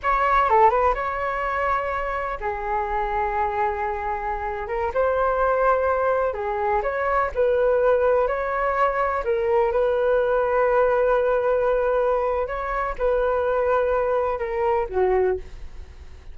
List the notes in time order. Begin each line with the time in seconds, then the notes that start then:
0.02 C#5
0.49 A4
0.69 B4
0.94 C#5
2.40 G#4
4.67 A#4
4.94 C5
6.33 G#4
6.82 C#5
7.35 B4
8.27 C#5
9.24 A#4
9.72 B4
12.47 C#5
12.98 B4
14.38 A#4
14.89 F#4